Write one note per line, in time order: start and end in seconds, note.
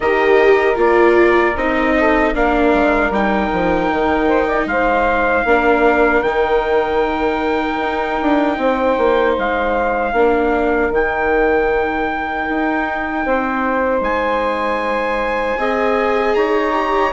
0.00 0.76 D#3
0.00 0.75 G4
0.00 1.95 A#4
0.00 0.78 D#5
0.75 1.54 A#3
0.75 1.53 F4
0.75 1.56 D5
1.55 2.33 C4
1.55 2.34 D#4
1.55 2.34 D#5
1.99 2.33 A4
2.33 2.73 A#3
2.33 3.12 D4
2.33 4.27 A#4
2.33 3.13 F5
2.73 3.10 G#3
3.10 3.49 G3
3.10 5.46 D#4
3.10 4.67 G5
3.52 3.91 F3
3.91 4.66 D#3
4.27 4.46 C5
4.46 4.65 D5
4.66 5.44 G#3
4.66 5.45 C5
4.66 6.22 F5
5.44 6.22 A#3
5.44 6.24 D4
5.44 8.57 A#4
6.22 7.78 D#3
6.22 10.14 D#4
6.22 9.34 G5
7.80 8.19 D#4
8.21 8.57 D4
8.57 8.96 C4
8.57 10.13 C5
8.97 9.36 A#3
9.38 10.12 G#3
9.38 10.94 F5
10.12 10.90 A#3
10.12 10.92 D4
10.12 13.25 A#4
10.90 12.46 D#3
10.90 15.58 D#4
10.90 14.03 G5
12.48 13.25 D#4
13.25 14.00 C4
13.25 15.59 C5
14.00 15.56 G#3
14.00 16.34 G#5
15.57 16.35 C4
15.57 16.72 G#4
15.57 16.36 D#5
16.34 17.13 D#4
16.34 17.13 C#5
16.34 17.12 A#5
16.72 17.11 G4